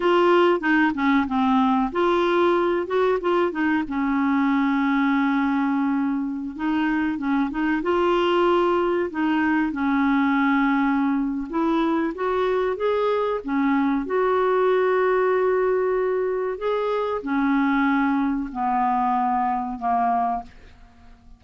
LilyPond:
\new Staff \with { instrumentName = "clarinet" } { \time 4/4 \tempo 4 = 94 f'4 dis'8 cis'8 c'4 f'4~ | f'8 fis'8 f'8 dis'8 cis'2~ | cis'2~ cis'16 dis'4 cis'8 dis'16~ | dis'16 f'2 dis'4 cis'8.~ |
cis'2 e'4 fis'4 | gis'4 cis'4 fis'2~ | fis'2 gis'4 cis'4~ | cis'4 b2 ais4 | }